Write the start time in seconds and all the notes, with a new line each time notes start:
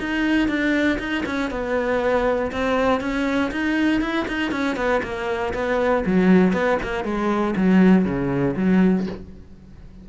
0.00 D#4
0.48 D4
0.99 D#4
1.26 C#4
1.51 B3
2.52 C4
3.01 C#4
3.52 D#4
4.01 E4
4.28 D#4
4.52 C#4
4.76 B3
5.03 A#3
5.54 B3
6.06 F#3
6.53 B3
6.83 A#3
7.04 G#3
7.56 F#3
8.05 C#3
8.56 F#3